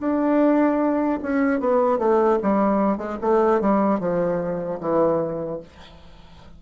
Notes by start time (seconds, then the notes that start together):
0.00 D4
1.23 C#4
1.60 B3
1.99 A3
2.43 G3
2.98 G#3
3.21 A3
3.61 G3
4.00 F3
4.80 E3